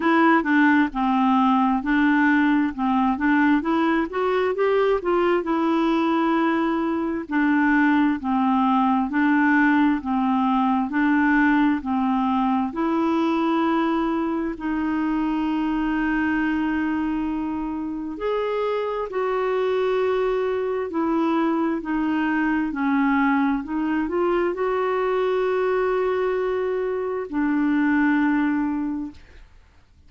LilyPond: \new Staff \with { instrumentName = "clarinet" } { \time 4/4 \tempo 4 = 66 e'8 d'8 c'4 d'4 c'8 d'8 | e'8 fis'8 g'8 f'8 e'2 | d'4 c'4 d'4 c'4 | d'4 c'4 e'2 |
dis'1 | gis'4 fis'2 e'4 | dis'4 cis'4 dis'8 f'8 fis'4~ | fis'2 d'2 | }